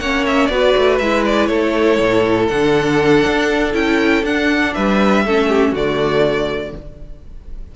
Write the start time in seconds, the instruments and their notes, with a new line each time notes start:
0.00 cello A#3, viola C#4, violin C#5 F#5
0.27 violin E5
0.47 cello B3, viola F#4, violin B4 D5
0.78 cello A3
0.99 cello G#3, viola E4, violin E5
1.26 violin D5
1.47 cello A3, violin A4 C#5
2.00 cello A2
2.48 cello D3, viola D4, violin F#5
3.27 cello D4
3.74 cello C#4, viola E4, violin G5
4.23 cello D4, viola D4, violin F#5
4.74 cello G3, violin B4 E5
5.25 cello A3, viola C#4, violin A4
5.49 violin G4
5.72 cello D3, viola A3, violin F#4 D5